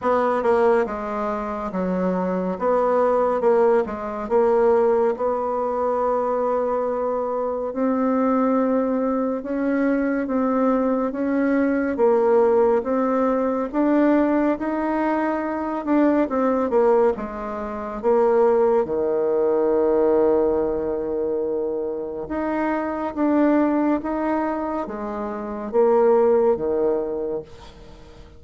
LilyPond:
\new Staff \with { instrumentName = "bassoon" } { \time 4/4 \tempo 4 = 70 b8 ais8 gis4 fis4 b4 | ais8 gis8 ais4 b2~ | b4 c'2 cis'4 | c'4 cis'4 ais4 c'4 |
d'4 dis'4. d'8 c'8 ais8 | gis4 ais4 dis2~ | dis2 dis'4 d'4 | dis'4 gis4 ais4 dis4 | }